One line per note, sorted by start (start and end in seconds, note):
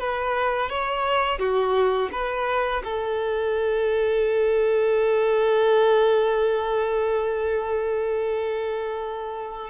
0.00 0.70 B4
0.70 1.39 C#5
1.39 2.10 F#4
2.12 2.83 B4
2.84 9.71 A4